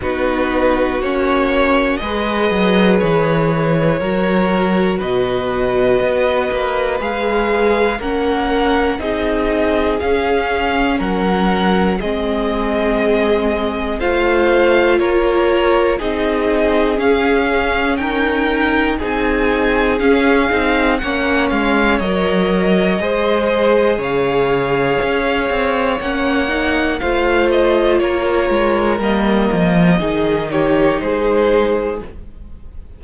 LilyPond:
<<
  \new Staff \with { instrumentName = "violin" } { \time 4/4 \tempo 4 = 60 b'4 cis''4 dis''4 cis''4~ | cis''4 dis''2 f''4 | fis''4 dis''4 f''4 fis''4 | dis''2 f''4 cis''4 |
dis''4 f''4 g''4 gis''4 | f''4 fis''8 f''8 dis''2 | f''2 fis''4 f''8 dis''8 | cis''4 dis''4. cis''8 c''4 | }
  \new Staff \with { instrumentName = "violin" } { \time 4/4 fis'2 b'2 | ais'4 b'2. | ais'4 gis'2 ais'4 | gis'2 c''4 ais'4 |
gis'2 ais'4 gis'4~ | gis'4 cis''2 c''4 | cis''2. c''4 | ais'2 gis'8 g'8 gis'4 | }
  \new Staff \with { instrumentName = "viola" } { \time 4/4 dis'4 cis'4 gis'2 | fis'2. gis'4 | cis'4 dis'4 cis'2 | c'2 f'2 |
dis'4 cis'2 dis'4 | cis'8 dis'8 cis'4 ais'4 gis'4~ | gis'2 cis'8 dis'8 f'4~ | f'4 ais4 dis'2 | }
  \new Staff \with { instrumentName = "cello" } { \time 4/4 b4 ais4 gis8 fis8 e4 | fis4 b,4 b8 ais8 gis4 | ais4 c'4 cis'4 fis4 | gis2 a4 ais4 |
c'4 cis'4 dis'4 c'4 | cis'8 c'8 ais8 gis8 fis4 gis4 | cis4 cis'8 c'8 ais4 a4 | ais8 gis8 g8 f8 dis4 gis4 | }
>>